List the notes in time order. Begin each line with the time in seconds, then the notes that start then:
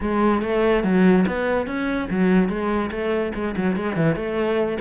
0.00 G#3
0.42 A3
0.83 F#3
1.27 B3
1.66 C#4
2.09 F#3
2.48 G#3
2.91 A3
3.34 G#3
3.56 F#3
3.76 G#3
3.96 E3
4.15 A3